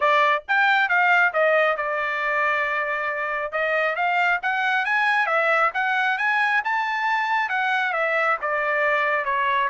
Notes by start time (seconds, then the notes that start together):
0.00 D5
0.48 G5
0.88 F5
1.33 D#5
1.76 D5
3.52 D#5
3.95 F5
4.42 F#5
4.85 G#5
5.26 E5
5.74 F#5
6.18 G#5
6.64 A5
7.49 F#5
7.93 E5
8.41 D5
9.24 C#5